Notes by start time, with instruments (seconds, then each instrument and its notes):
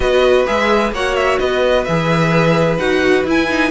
0.00 cello B3, viola F#4, violin B4 D#5
0.46 cello G#3, viola G#4, violin E5
0.92 cello A#3, viola F#4, violin C#5 F#5
1.15 violin E5
1.39 cello B3, violin B4 D#5
1.84 cello E3, viola G#4, violin E5
2.78 cello D#4, viola F#4, violin F#5
3.24 cello E4, viola E4, violin G#5
3.49 viola D#4